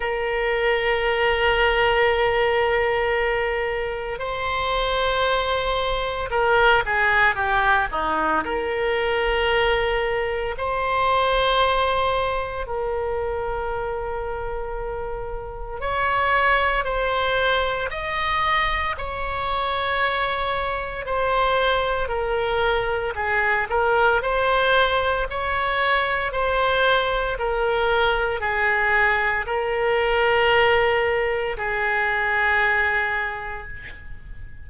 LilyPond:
\new Staff \with { instrumentName = "oboe" } { \time 4/4 \tempo 4 = 57 ais'1 | c''2 ais'8 gis'8 g'8 dis'8 | ais'2 c''2 | ais'2. cis''4 |
c''4 dis''4 cis''2 | c''4 ais'4 gis'8 ais'8 c''4 | cis''4 c''4 ais'4 gis'4 | ais'2 gis'2 | }